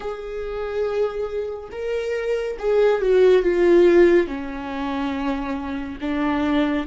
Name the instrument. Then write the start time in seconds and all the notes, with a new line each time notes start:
viola
0.00 G#4
1.71 A#4
2.58 G#4
3.01 F#4
3.42 F4
4.27 C#4
6.00 D4